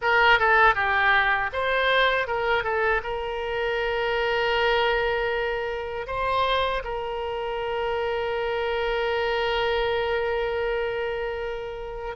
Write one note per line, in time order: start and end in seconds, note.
0.01 0.39 A#4
0.39 0.74 A4
0.74 1.50 G4
1.52 2.27 C5
2.27 2.63 A#4
2.63 3.01 A4
3.03 6.07 A#4
6.07 6.83 C5
6.84 12.15 A#4